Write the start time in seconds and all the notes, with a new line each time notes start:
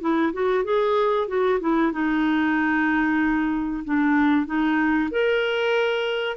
0.00 E4
0.32 F#4
0.64 G#4
1.27 F#4
1.60 E4
1.92 D#4
3.84 D4
4.46 D#4
5.10 A#4